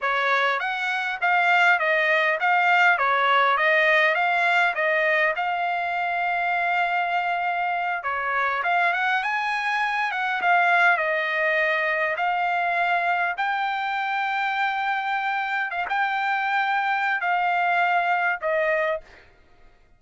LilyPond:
\new Staff \with { instrumentName = "trumpet" } { \time 4/4 \tempo 4 = 101 cis''4 fis''4 f''4 dis''4 | f''4 cis''4 dis''4 f''4 | dis''4 f''2.~ | f''4. cis''4 f''8 fis''8 gis''8~ |
gis''4 fis''8 f''4 dis''4.~ | dis''8 f''2 g''4.~ | g''2~ g''8 f''16 g''4~ g''16~ | g''4 f''2 dis''4 | }